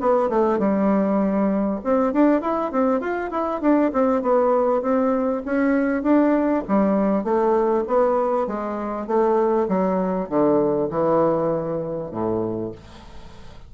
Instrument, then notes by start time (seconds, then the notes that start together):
bassoon
0.00 B3
0.29 A3
0.58 G3
1.83 C4
2.12 D4
2.41 E4
2.71 C4
3.00 F4
3.30 E4
3.61 D4
3.92 C4
4.22 B3
4.82 C4
5.45 C#4
6.02 D4
6.68 G3
7.23 A3
7.87 B3
8.47 G#3
9.07 A3
9.68 F#3
10.29 D3
10.90 E3
12.11 A2